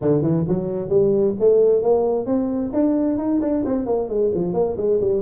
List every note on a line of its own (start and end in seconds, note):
0.01 0.22 D3
0.22 0.44 E3
0.48 0.89 F#3
0.89 1.34 G3
1.39 1.82 A3
1.82 2.26 A#3
2.26 2.71 C4
2.73 3.18 D4
3.18 3.40 D#4
3.41 3.63 D4
3.65 3.86 C4
3.86 4.08 A#3
4.08 4.31 G#3
4.34 4.53 F3
4.53 4.76 A#3
4.77 5.00 G#3
5.00 5.22 G3